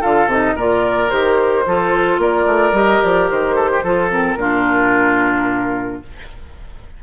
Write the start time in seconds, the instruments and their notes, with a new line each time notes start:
0.00 bassoon D3, clarinet F4, oboe A4, flute F5
0.26 bassoon C3, clarinet D#4, flute D#5
0.55 bassoon A#2, clarinet F4, oboe A#4, flute D5
1.09 bassoon D#3, clarinet G4, flute C5
1.66 bassoon F3, clarinet F4, oboe A4
2.18 bassoon A#3, oboe A#4, flute D5
2.46 bassoon A3
2.72 bassoon G3, clarinet G4, flute D#5
3.02 bassoon F3, flute D5
3.30 bassoon D#3, flute C5
3.55 oboe A4
3.72 oboe G4
3.83 bassoon F3, clarinet F4, oboe A4
4.10 clarinet C4, flute A#4
4.36 bassoon A#2, clarinet D4, oboe F4